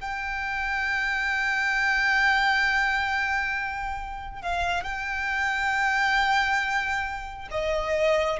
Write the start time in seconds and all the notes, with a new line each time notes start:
0.00 G5
4.41 F5
4.83 G5
7.51 D#5